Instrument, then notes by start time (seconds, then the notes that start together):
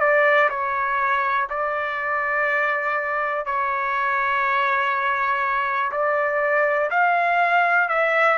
trumpet
0.00 D5
0.50 C#5
1.49 D5
3.46 C#5
5.92 D5
6.90 F5
7.89 E5